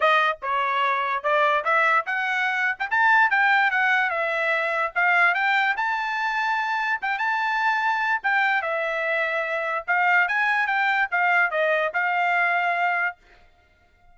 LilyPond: \new Staff \with { instrumentName = "trumpet" } { \time 4/4 \tempo 4 = 146 dis''4 cis''2 d''4 | e''4 fis''4.~ fis''16 g''16 a''4 | g''4 fis''4 e''2 | f''4 g''4 a''2~ |
a''4 g''8 a''2~ a''8 | g''4 e''2. | f''4 gis''4 g''4 f''4 | dis''4 f''2. | }